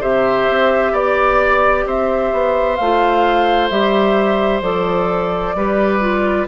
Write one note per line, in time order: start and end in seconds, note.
0.00 0.48 C3
0.00 2.77 G4
0.00 0.92 C5
0.00 0.94 E5
0.49 0.92 C4
0.92 1.85 B3
0.92 1.84 D5
0.92 1.87 D5
1.85 2.31 C4
1.85 5.56 C5
1.85 2.76 E5
2.32 2.78 B3
2.76 3.70 A3
2.76 3.70 F4
2.76 3.68 F5
3.69 4.61 G3
3.69 4.62 G4
3.69 4.61 E5
4.61 5.53 F3
4.61 5.55 A4
4.61 6.47 D5
5.54 6.47 G3
5.54 6.00 G4
5.54 6.47 B4
6.00 6.46 F4